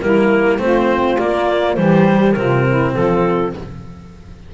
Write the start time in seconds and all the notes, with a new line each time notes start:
0.00 G3 A#3 E4 A#4
0.58 A3 C4 F4 C5
1.18 A#3 D5
1.74 E3 G3 G4 C5
2.32 C3 C4 F4 A#4
2.67 E4
2.94 F3 F4 A4